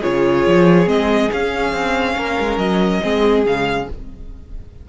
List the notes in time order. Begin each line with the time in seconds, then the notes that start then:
0.00 C#3 F4 G#4 C#5
0.47 F3
0.86 G#3 C4 D#5
1.32 C#4 F5
1.72 C4
2.16 A#3 A#4
2.39 G#3
2.57 F#3 D#5
3.02 G#3 C4 G#4
3.45 C#3 G#3 F5